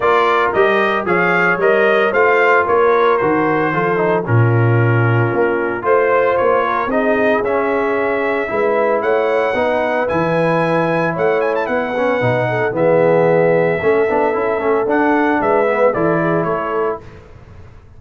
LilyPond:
<<
  \new Staff \with { instrumentName = "trumpet" } { \time 4/4 \tempo 4 = 113 d''4 dis''4 f''4 dis''4 | f''4 cis''4 c''2 | ais'2. c''4 | cis''4 dis''4 e''2~ |
e''4 fis''2 gis''4~ | gis''4 fis''8 gis''16 a''16 fis''2 | e''1 | fis''4 e''4 d''4 cis''4 | }
  \new Staff \with { instrumentName = "horn" } { \time 4/4 ais'2 cis''2 | c''4 ais'2 a'4 | f'2. c''4~ | c''8 ais'8 gis'2. |
b'4 cis''4 b'2~ | b'4 cis''4 b'4. a'8 | gis'2 a'2~ | a'4 b'4 a'8 gis'8 a'4 | }
  \new Staff \with { instrumentName = "trombone" } { \time 4/4 f'4 g'4 gis'4 ais'4 | f'2 fis'4 f'8 dis'8 | cis'2. f'4~ | f'4 dis'4 cis'2 |
e'2 dis'4 e'4~ | e'2~ e'8 cis'8 dis'4 | b2 cis'8 d'8 e'8 cis'8 | d'4. b8 e'2 | }
  \new Staff \with { instrumentName = "tuba" } { \time 4/4 ais4 g4 f4 g4 | a4 ais4 dis4 f4 | ais,2 ais4 a4 | ais4 c'4 cis'2 |
gis4 a4 b4 e4~ | e4 a4 b4 b,4 | e2 a8 b8 cis'8 a8 | d'4 gis4 e4 a4 | }
>>